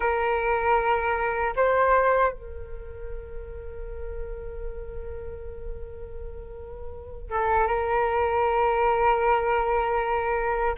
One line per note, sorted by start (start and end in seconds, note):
0.00 1.53 A#4
1.56 2.32 C5
2.32 7.30 A#4
7.30 7.67 A4
7.67 10.75 A#4